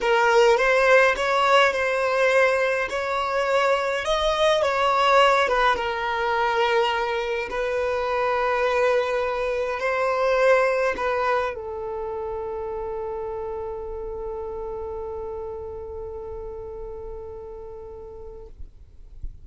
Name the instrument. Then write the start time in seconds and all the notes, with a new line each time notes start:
violin
0.00 A#4
0.57 C5
1.16 C#5
1.73 C5
2.89 C#5
4.05 D#5
4.62 C#5
5.48 B4
5.75 A#4
7.50 B4
9.79 C5
10.96 B4
11.54 A4